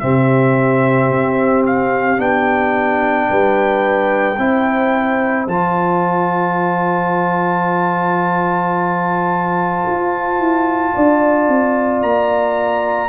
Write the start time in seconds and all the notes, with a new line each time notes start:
0.00 C3 C4 G4 E5
1.11 C4
1.67 F5
2.18 B3 D4 G5
3.30 G3 B4
4.38 C4 E4 C5
5.47 F3 F4 A5
9.87 F4
10.39 E4
10.95 D4 D5
11.48 C4
12.02 A#3 A#5